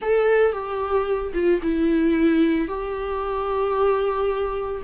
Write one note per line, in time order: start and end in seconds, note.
0.01 0.52 A4
0.52 1.32 G4
1.33 1.60 F4
1.62 2.67 E4
2.67 4.82 G4